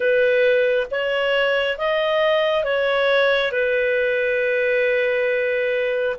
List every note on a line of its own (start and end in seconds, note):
0.00 0.87 B4
0.90 1.78 C#5
1.78 2.64 D#5
2.64 3.51 C#5
3.51 6.16 B4